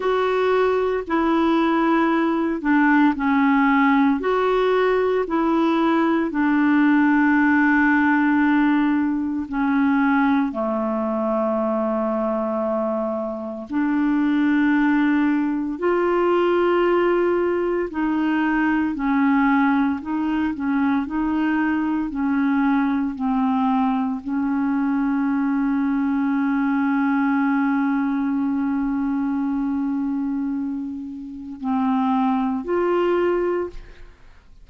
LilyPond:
\new Staff \with { instrumentName = "clarinet" } { \time 4/4 \tempo 4 = 57 fis'4 e'4. d'8 cis'4 | fis'4 e'4 d'2~ | d'4 cis'4 a2~ | a4 d'2 f'4~ |
f'4 dis'4 cis'4 dis'8 cis'8 | dis'4 cis'4 c'4 cis'4~ | cis'1~ | cis'2 c'4 f'4 | }